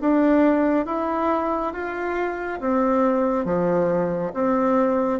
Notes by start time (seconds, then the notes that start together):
0.00 D4
0.86 E4
1.73 F4
2.60 C4
3.45 F3
4.34 C4